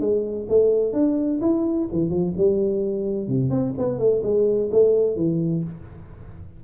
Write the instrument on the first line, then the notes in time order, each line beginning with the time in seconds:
tuba
0.00 G#3
0.49 A3
0.93 D4
1.41 E4
1.92 E3
2.09 F3
2.37 G3
3.27 C3
3.50 C4
3.78 B3
3.98 A3
4.23 G#3
4.71 A3
5.16 E3